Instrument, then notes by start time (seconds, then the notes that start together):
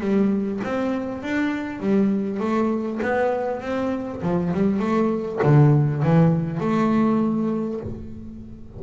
double bass
0.00 G3
0.64 C4
1.23 D4
1.80 G3
2.40 A3
3.02 B3
3.61 C4
4.22 F3
4.53 G3
4.79 A3
5.42 D3
6.03 E3
6.60 A3